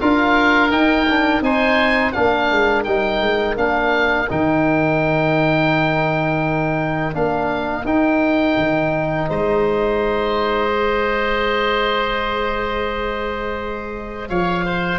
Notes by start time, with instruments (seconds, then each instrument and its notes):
0.00 tuba D4, trombone F4, oboe A#4 F5
0.70 trombone D#4, tuba D#4, oboe G5
1.09 trombone D4
1.41 tuba C4, trombone D#4, oboe C5 G#5
2.12 tuba A#3, trombone D4, oboe A#4 F5
2.51 tuba G#3
2.83 tuba G3, trombone D#4, oboe G5
3.20 tuba G#3
3.56 tuba A#3, trombone D4, oboe F5
4.29 tuba D#3, trombone D#4, oboe G5
7.13 tuba A#3, trombone D4, oboe F5
7.84 tuba D#4, trombone D#4, oboe G5
8.57 tuba D#3
9.29 tuba G#3, oboe C5 D#5
10.71 trombone G#4
14.29 tuba F3, oboe C#5 F5
14.65 oboe C5